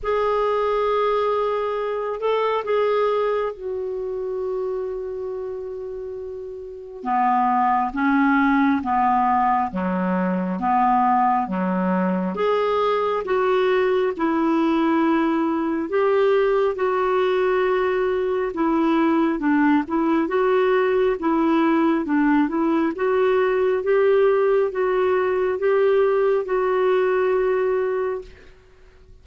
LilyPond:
\new Staff \with { instrumentName = "clarinet" } { \time 4/4 \tempo 4 = 68 gis'2~ gis'8 a'8 gis'4 | fis'1 | b4 cis'4 b4 fis4 | b4 fis4 gis'4 fis'4 |
e'2 g'4 fis'4~ | fis'4 e'4 d'8 e'8 fis'4 | e'4 d'8 e'8 fis'4 g'4 | fis'4 g'4 fis'2 | }